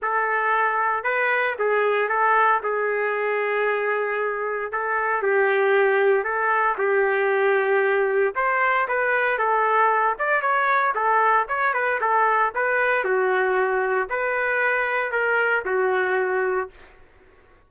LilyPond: \new Staff \with { instrumentName = "trumpet" } { \time 4/4 \tempo 4 = 115 a'2 b'4 gis'4 | a'4 gis'2.~ | gis'4 a'4 g'2 | a'4 g'2. |
c''4 b'4 a'4. d''8 | cis''4 a'4 cis''8 b'8 a'4 | b'4 fis'2 b'4~ | b'4 ais'4 fis'2 | }